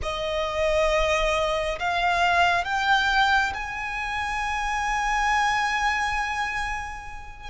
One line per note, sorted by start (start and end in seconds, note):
0.02 1.78 D#5
1.79 2.64 F5
2.64 3.53 G5
3.53 7.50 G#5